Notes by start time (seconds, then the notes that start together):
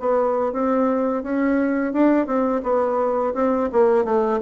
0.00 B3
0.53 C4
1.24 C#4
1.93 D4
2.27 C4
2.63 B3
3.34 C4
3.73 A#3
4.05 A3